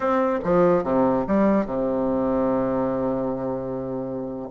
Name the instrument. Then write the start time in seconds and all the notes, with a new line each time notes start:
bassoon
0.00 C4
0.43 F3
0.83 C3
1.27 G3
1.65 C3